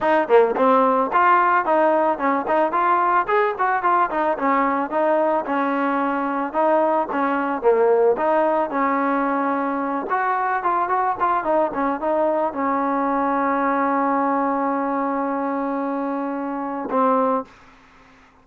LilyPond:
\new Staff \with { instrumentName = "trombone" } { \time 4/4 \tempo 4 = 110 dis'8 ais8 c'4 f'4 dis'4 | cis'8 dis'8 f'4 gis'8 fis'8 f'8 dis'8 | cis'4 dis'4 cis'2 | dis'4 cis'4 ais4 dis'4 |
cis'2~ cis'8 fis'4 f'8 | fis'8 f'8 dis'8 cis'8 dis'4 cis'4~ | cis'1~ | cis'2. c'4 | }